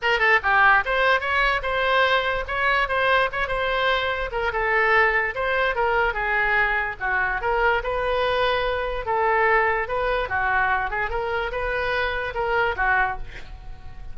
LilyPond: \new Staff \with { instrumentName = "oboe" } { \time 4/4 \tempo 4 = 146 ais'8 a'8 g'4 c''4 cis''4 | c''2 cis''4 c''4 | cis''8 c''2 ais'8 a'4~ | a'4 c''4 ais'4 gis'4~ |
gis'4 fis'4 ais'4 b'4~ | b'2 a'2 | b'4 fis'4. gis'8 ais'4 | b'2 ais'4 fis'4 | }